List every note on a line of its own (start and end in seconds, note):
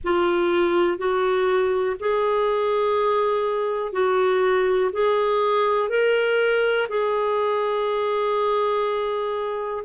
0.04 0.97 F4
0.97 1.96 F#4
1.99 3.92 G#4
3.92 4.90 F#4
4.92 5.89 G#4
5.89 6.87 A#4
6.89 9.84 G#4